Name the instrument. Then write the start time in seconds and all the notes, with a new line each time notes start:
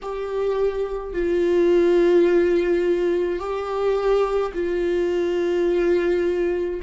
viola
0.02 G4
1.13 F4
3.39 G4
4.53 F4